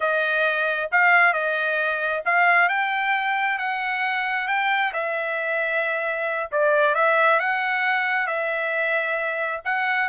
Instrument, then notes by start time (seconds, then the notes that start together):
trumpet
0.00 D#5
0.91 F5
1.33 D#5
2.25 F5
2.68 G5
3.58 F#5
4.47 G5
4.93 E5
6.51 D5
6.94 E5
7.39 F#5
8.26 E5
9.65 F#5